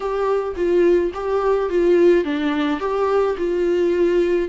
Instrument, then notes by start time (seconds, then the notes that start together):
viola
0.00 G4
0.56 F4
1.13 G4
1.69 F4
2.24 D4
2.80 G4
3.37 F4